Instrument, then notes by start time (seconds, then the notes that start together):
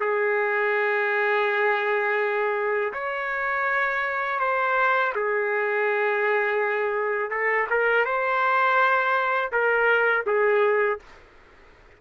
trumpet
0.00 G#4
2.93 C#5
4.39 C5
5.15 G#4
7.30 A4
7.70 A#4
8.05 C5
9.52 A#4
10.26 G#4